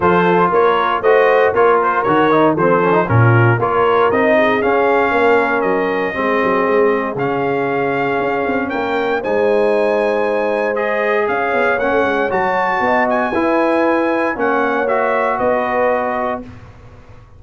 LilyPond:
<<
  \new Staff \with { instrumentName = "trumpet" } { \time 4/4 \tempo 4 = 117 c''4 cis''4 dis''4 cis''8 c''8 | cis''4 c''4 ais'4 cis''4 | dis''4 f''2 dis''4~ | dis''2 f''2~ |
f''4 g''4 gis''2~ | gis''4 dis''4 f''4 fis''4 | a''4. gis''2~ gis''8 | fis''4 e''4 dis''2 | }
  \new Staff \with { instrumentName = "horn" } { \time 4/4 a'4 ais'4 c''4 ais'4~ | ais'4 a'4 f'4 ais'4~ | ais'8 gis'4. ais'2 | gis'1~ |
gis'4 ais'4 c''2~ | c''2 cis''2~ | cis''4 dis''4 b'2 | cis''2 b'2 | }
  \new Staff \with { instrumentName = "trombone" } { \time 4/4 f'2 fis'4 f'4 | fis'8 dis'8 c'8 cis'16 dis'16 cis'4 f'4 | dis'4 cis'2. | c'2 cis'2~ |
cis'2 dis'2~ | dis'4 gis'2 cis'4 | fis'2 e'2 | cis'4 fis'2. | }
  \new Staff \with { instrumentName = "tuba" } { \time 4/4 f4 ais4 a4 ais4 | dis4 f4 ais,4 ais4 | c'4 cis'4 ais4 fis4 | gis8 fis8 gis4 cis2 |
cis'8 c'8 ais4 gis2~ | gis2 cis'8 b8 ais16 a16 gis8 | fis4 b4 e'2 | ais2 b2 | }
>>